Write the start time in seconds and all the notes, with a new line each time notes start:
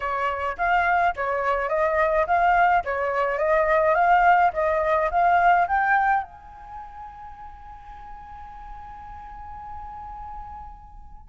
0.00 C#5
0.57 F5
1.16 C#5
1.69 D#5
2.26 F5
2.84 C#5
3.38 D#5
3.95 F5
4.53 D#5
5.10 F5
5.67 G5
6.23 G#5